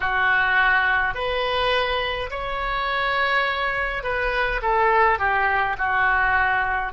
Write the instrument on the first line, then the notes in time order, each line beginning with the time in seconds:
oboe
0.00 F#4
1.14 B4
2.30 C#5
4.03 B4
4.62 A4
5.18 G4
5.77 F#4